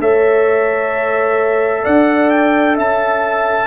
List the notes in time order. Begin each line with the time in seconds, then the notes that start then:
0.00 A3 A4 C#5 E5
1.83 D4 D5 F#5
2.30 G5
2.74 C#4 E5 A5